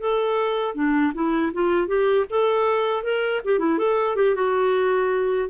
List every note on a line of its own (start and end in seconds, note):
0.00 0.75 A4
0.75 1.13 D4
1.15 1.53 E4
1.54 1.88 F4
1.88 2.26 G4
2.30 3.03 A4
3.03 3.41 A#4
3.45 3.60 G4
3.60 3.78 E4
3.78 4.16 A4
4.16 4.35 G4
4.36 5.50 F#4